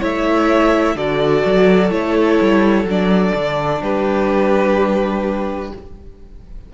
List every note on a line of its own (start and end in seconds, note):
0.00 0.95 A3
0.00 0.96 E4
0.00 0.95 C#5
0.00 0.97 E5
0.95 1.43 D3
0.95 1.90 F#4
0.95 3.82 A4
0.95 1.91 D5
1.45 1.91 F#3
1.90 2.39 A3
1.90 2.85 E4
1.90 2.87 C#5
2.41 2.84 G3
2.84 3.32 F#3
2.84 5.74 D4
2.84 3.83 D5
3.35 3.82 D3
3.82 5.72 G3
3.82 5.72 G4
3.82 5.73 B4